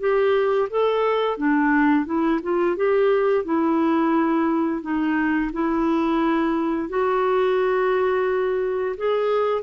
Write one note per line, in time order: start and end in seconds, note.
0.00 0.69 G4
0.70 1.38 A4
1.38 2.06 D4
2.06 2.40 E4
2.43 2.76 F4
2.76 3.45 G4
3.45 4.82 E4
4.82 5.51 D#4
5.53 6.89 E4
6.89 8.96 F#4
8.97 9.63 G#4